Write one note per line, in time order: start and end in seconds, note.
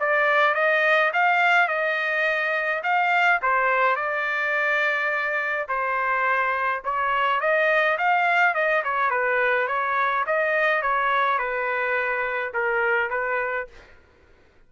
0.00 0.55 D5
0.55 1.12 D#5
1.14 1.68 F5
1.68 2.82 D#5
2.83 3.41 F5
3.42 3.96 C5
3.96 5.68 D5
5.68 6.83 C5
6.85 7.41 C#5
7.41 7.98 D#5
7.98 8.54 F5
8.54 8.83 D#5
8.84 9.11 C#5
9.11 9.68 B4
9.68 10.25 C#5
10.26 10.82 D#5
10.82 11.38 C#5
11.38 12.53 B4
12.54 13.10 A#4
13.10 13.68 B4